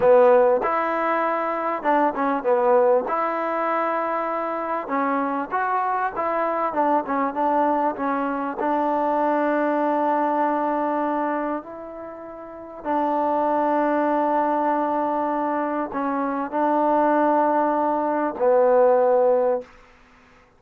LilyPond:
\new Staff \with { instrumentName = "trombone" } { \time 4/4 \tempo 4 = 98 b4 e'2 d'8 cis'8 | b4 e'2. | cis'4 fis'4 e'4 d'8 cis'8 | d'4 cis'4 d'2~ |
d'2. e'4~ | e'4 d'2.~ | d'2 cis'4 d'4~ | d'2 b2 | }